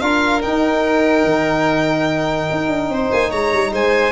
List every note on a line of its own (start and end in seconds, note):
0.00 0.42 D4
0.00 0.42 F4
0.00 2.91 A#4
0.00 0.41 F5
0.42 4.12 D#4
0.42 1.24 D#4
0.42 3.11 G5
1.24 2.48 D#3
2.51 2.68 D#4
2.68 2.89 D4
2.89 3.10 C4
2.89 3.30 C5
3.12 3.32 A#3
3.12 3.31 G#5
3.30 3.52 G#3
3.30 3.71 C#5
3.30 3.73 A#5
3.53 3.72 G3
3.72 4.12 G#3
3.72 4.12 C5
3.72 4.12 G#5